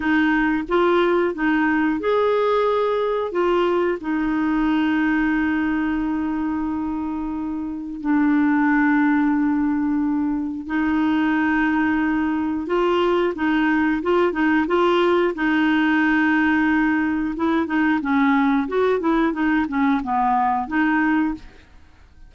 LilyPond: \new Staff \with { instrumentName = "clarinet" } { \time 4/4 \tempo 4 = 90 dis'4 f'4 dis'4 gis'4~ | gis'4 f'4 dis'2~ | dis'1 | d'1 |
dis'2. f'4 | dis'4 f'8 dis'8 f'4 dis'4~ | dis'2 e'8 dis'8 cis'4 | fis'8 e'8 dis'8 cis'8 b4 dis'4 | }